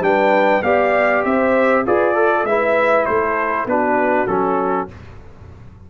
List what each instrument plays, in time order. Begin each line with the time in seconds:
0.00 tuba G3, trombone D4, horn B4, trumpet G5
0.62 tuba B3, trombone G4, horn D5, trumpet F5
1.24 tuba C4, horn C5, trumpet E5
1.85 tuba F4, trombone G#4, horn B4, trumpet D5
2.15 trombone A4, horn A4
2.44 tuba G#3, trombone E4, horn B4, trumpet E5
3.05 tuba A3, horn A4, trumpet C5
3.66 tuba B3, trombone D4, horn F#4, trumpet B4
4.27 tuba F#3, trombone C#4, trumpet A4